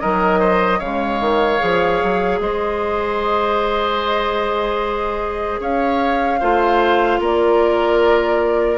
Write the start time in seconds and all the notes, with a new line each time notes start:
0.00 D#3 F#3 A#4 D#5
0.40 C5
0.79 C#3 G#3 C#5 F5
1.21 D#3
1.59 F3 G#4
2.03 F#3
2.40 G#3 C5 D#5
5.60 C#4 C#5 F5
6.40 A3 F4 C5
7.20 A#3 A#4 D5